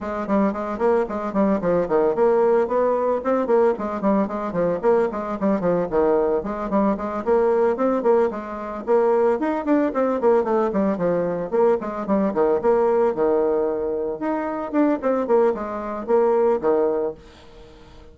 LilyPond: \new Staff \with { instrumentName = "bassoon" } { \time 4/4 \tempo 4 = 112 gis8 g8 gis8 ais8 gis8 g8 f8 dis8 | ais4 b4 c'8 ais8 gis8 g8 | gis8 f8 ais8 gis8 g8 f8 dis4 | gis8 g8 gis8 ais4 c'8 ais8 gis8~ |
gis8 ais4 dis'8 d'8 c'8 ais8 a8 | g8 f4 ais8 gis8 g8 dis8 ais8~ | ais8 dis2 dis'4 d'8 | c'8 ais8 gis4 ais4 dis4 | }